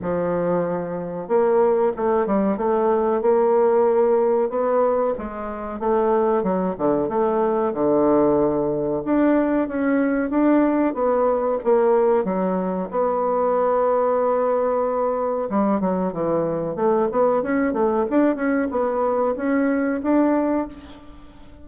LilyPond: \new Staff \with { instrumentName = "bassoon" } { \time 4/4 \tempo 4 = 93 f2 ais4 a8 g8 | a4 ais2 b4 | gis4 a4 fis8 d8 a4 | d2 d'4 cis'4 |
d'4 b4 ais4 fis4 | b1 | g8 fis8 e4 a8 b8 cis'8 a8 | d'8 cis'8 b4 cis'4 d'4 | }